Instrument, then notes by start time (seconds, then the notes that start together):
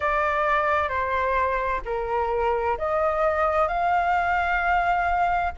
flute
0.00 D5
0.88 C5
1.85 A#4
2.78 D#5
3.68 F5